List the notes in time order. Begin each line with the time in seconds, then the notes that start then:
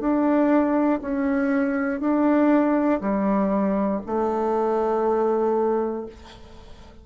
0.00 D4
1.01 C#4
2.00 D4
3.00 G3
4.06 A3